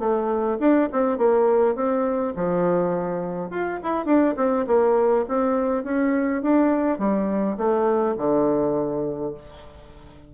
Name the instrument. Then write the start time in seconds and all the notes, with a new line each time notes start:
bassoon
0.00 A3
0.60 D4
0.92 C4
1.18 A#3
1.76 C4
2.36 F3
3.51 F4
3.83 E4
4.06 D4
4.37 C4
4.67 A#3
5.29 C4
5.84 C#4
6.43 D4
6.99 G3
7.58 A3
8.18 D3